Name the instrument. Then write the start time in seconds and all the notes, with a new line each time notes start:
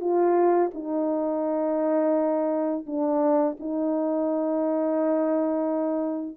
horn
0.00 F4
0.74 D#4
2.86 D4
3.59 D#4